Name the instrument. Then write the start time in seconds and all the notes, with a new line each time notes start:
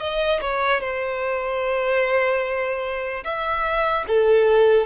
violin
0.00 D#5
0.41 C#5
0.81 C5
3.24 E5
4.07 A4